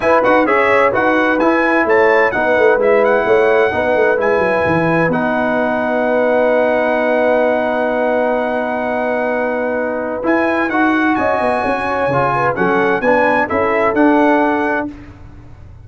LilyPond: <<
  \new Staff \with { instrumentName = "trumpet" } { \time 4/4 \tempo 4 = 129 gis''8 fis''8 e''4 fis''4 gis''4 | a''4 fis''4 e''8 fis''4.~ | fis''4 gis''2 fis''4~ | fis''1~ |
fis''1~ | fis''2 gis''4 fis''4 | gis''2. fis''4 | gis''4 e''4 fis''2 | }
  \new Staff \with { instrumentName = "horn" } { \time 4/4 b'4 cis''4 b'2 | cis''4 b'2 cis''4 | b'1~ | b'1~ |
b'1~ | b'1 | dis''4 cis''4. b'8 a'4 | b'4 a'2. | }
  \new Staff \with { instrumentName = "trombone" } { \time 4/4 e'8 fis'8 gis'4 fis'4 e'4~ | e'4 dis'4 e'2 | dis'4 e'2 dis'4~ | dis'1~ |
dis'1~ | dis'2 e'4 fis'4~ | fis'2 f'4 cis'4 | d'4 e'4 d'2 | }
  \new Staff \with { instrumentName = "tuba" } { \time 4/4 e'8 dis'8 cis'4 dis'4 e'4 | a4 b8 a8 gis4 a4 | b8 a8 gis8 fis8 e4 b4~ | b1~ |
b1~ | b2 e'4 dis'4 | cis'8 b8 cis'4 cis4 fis4 | b4 cis'4 d'2 | }
>>